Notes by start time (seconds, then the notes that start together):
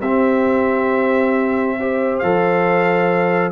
0.00 C4 G4 E5
1.79 G4 C5
2.19 F3 A4 F5